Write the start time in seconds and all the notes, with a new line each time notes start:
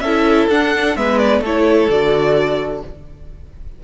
0.00 C#4 A4 E5
0.06 E4
0.50 D4 F#5
0.97 G#3 B3 B4 E5
1.19 D5
1.41 A3 E4 A4 C#5
1.90 D3 F#4 D5